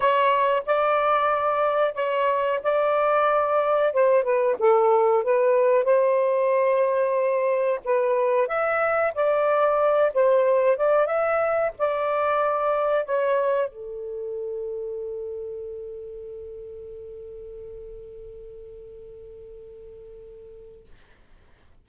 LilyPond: \new Staff \with { instrumentName = "saxophone" } { \time 4/4 \tempo 4 = 92 cis''4 d''2 cis''4 | d''2 c''8 b'8 a'4 | b'4 c''2. | b'4 e''4 d''4. c''8~ |
c''8 d''8 e''4 d''2 | cis''4 a'2.~ | a'1~ | a'1 | }